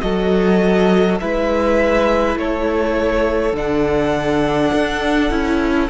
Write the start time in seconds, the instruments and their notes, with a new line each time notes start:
0.00 cello F#3, viola F#4, violin A4 D#5
1.20 cello G#3, viola E4, violin B4 E5
2.36 cello A3, violin A4 C#5
3.52 cello D3, viola D4, violin F#5
4.73 cello D4
5.30 cello C#4, viola E4